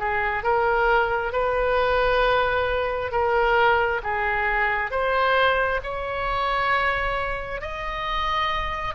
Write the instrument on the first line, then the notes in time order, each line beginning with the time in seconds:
oboe
0.00 G#4
0.44 A#4
1.33 B4
3.12 A#4
4.04 G#4
4.91 C5
5.84 C#5
7.62 D#5